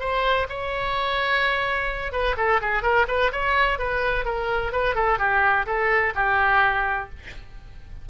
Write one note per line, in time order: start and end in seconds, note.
0.00 0.47 C5
0.49 2.12 C#5
2.12 2.36 B4
2.37 2.61 A4
2.62 2.83 G#4
2.83 3.07 A#4
3.08 3.32 B4
3.33 3.79 C#5
3.79 4.25 B4
4.25 4.72 A#4
4.72 4.95 B4
4.95 5.19 A4
5.19 5.66 G4
5.66 6.14 A4
6.15 7.10 G4